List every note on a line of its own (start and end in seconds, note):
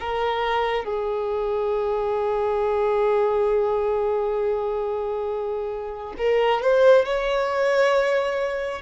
0.00 0.85 A#4
0.85 6.14 G#4
6.18 6.62 A#4
6.62 7.05 C5
7.05 8.82 C#5